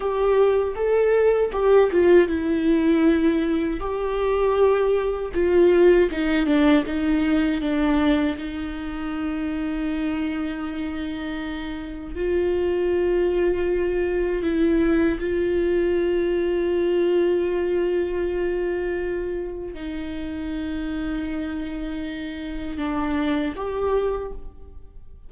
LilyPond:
\new Staff \with { instrumentName = "viola" } { \time 4/4 \tempo 4 = 79 g'4 a'4 g'8 f'8 e'4~ | e'4 g'2 f'4 | dis'8 d'8 dis'4 d'4 dis'4~ | dis'1 |
f'2. e'4 | f'1~ | f'2 dis'2~ | dis'2 d'4 g'4 | }